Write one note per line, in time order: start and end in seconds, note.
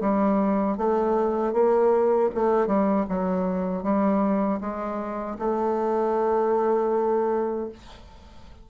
0.00 0.77 G3
0.77 1.53 A3
1.53 2.30 A#3
2.34 2.67 A3
2.67 3.05 G3
3.08 3.83 F#3
3.83 4.59 G3
4.60 5.37 G#3
5.38 7.69 A3